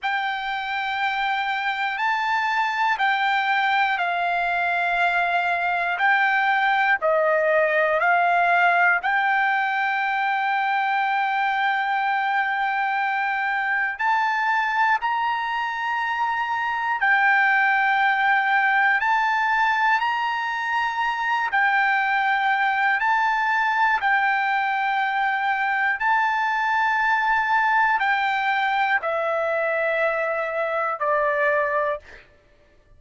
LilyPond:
\new Staff \with { instrumentName = "trumpet" } { \time 4/4 \tempo 4 = 60 g''2 a''4 g''4 | f''2 g''4 dis''4 | f''4 g''2.~ | g''2 a''4 ais''4~ |
ais''4 g''2 a''4 | ais''4. g''4. a''4 | g''2 a''2 | g''4 e''2 d''4 | }